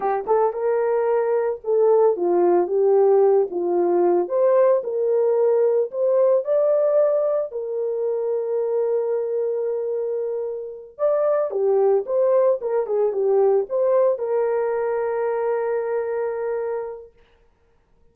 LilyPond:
\new Staff \with { instrumentName = "horn" } { \time 4/4 \tempo 4 = 112 g'8 a'8 ais'2 a'4 | f'4 g'4. f'4. | c''4 ais'2 c''4 | d''2 ais'2~ |
ais'1~ | ais'8 d''4 g'4 c''4 ais'8 | gis'8 g'4 c''4 ais'4.~ | ais'1 | }